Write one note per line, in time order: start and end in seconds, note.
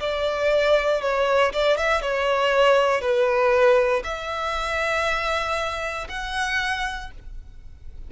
0.00 1.02 D5
1.02 1.53 C#5
1.53 1.77 D5
1.77 2.02 E5
2.02 3.01 C#5
3.01 4.03 B4
4.04 6.07 E5
6.09 7.10 F#5